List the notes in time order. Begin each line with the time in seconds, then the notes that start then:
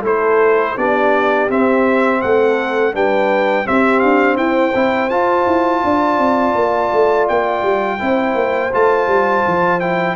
0.00 A3 E4 A4 C5
0.77 B3 D4 G4 D5
1.49 C4 E5
2.22 A3 A4 F#5
2.94 G3 D4 B4 G5
3.65 C4 G4 E5
4.00 D4 F5
4.37 E4 C5 G5
4.75 C4 E4
5.10 F4 A5
5.47 E4
5.84 D4 D5
6.19 C4
6.55 A#3
6.93 A3
7.29 A#3 G5
7.63 G3
7.99 C4 E4 C5
8.35 A#3
8.73 A3 F4 A5
9.08 G3
9.47 F3
9.80 E4 G5